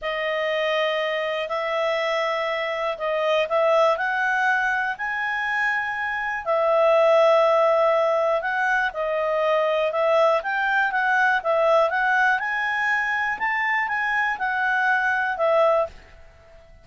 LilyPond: \new Staff \with { instrumentName = "clarinet" } { \time 4/4 \tempo 4 = 121 dis''2. e''4~ | e''2 dis''4 e''4 | fis''2 gis''2~ | gis''4 e''2.~ |
e''4 fis''4 dis''2 | e''4 g''4 fis''4 e''4 | fis''4 gis''2 a''4 | gis''4 fis''2 e''4 | }